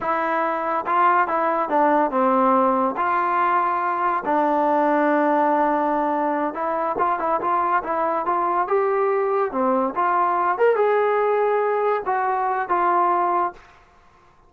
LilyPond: \new Staff \with { instrumentName = "trombone" } { \time 4/4 \tempo 4 = 142 e'2 f'4 e'4 | d'4 c'2 f'4~ | f'2 d'2~ | d'2.~ d'8 e'8~ |
e'8 f'8 e'8 f'4 e'4 f'8~ | f'8 g'2 c'4 f'8~ | f'4 ais'8 gis'2~ gis'8~ | gis'8 fis'4. f'2 | }